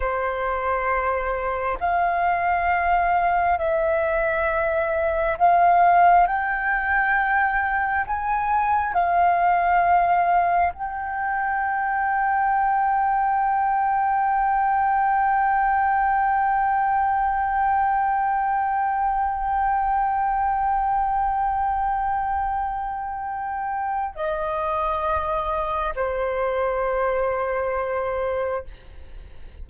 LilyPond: \new Staff \with { instrumentName = "flute" } { \time 4/4 \tempo 4 = 67 c''2 f''2 | e''2 f''4 g''4~ | g''4 gis''4 f''2 | g''1~ |
g''1~ | g''1~ | g''2. dis''4~ | dis''4 c''2. | }